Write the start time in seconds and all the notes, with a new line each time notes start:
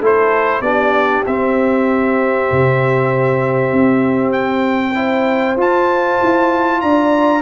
0.00 A3 E4 A4 C5
0.61 B3 D4 G4 D5
1.27 C4 E5
2.52 C3
3.73 C4
4.33 G5
4.95 E4 C5
5.57 F4 A5
6.23 E4
6.81 D4 D5 A#5